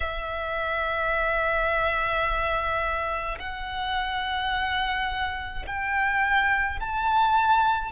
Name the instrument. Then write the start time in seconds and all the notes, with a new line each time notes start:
violin
0.00 E5
3.39 F#5
5.66 G5
6.79 A5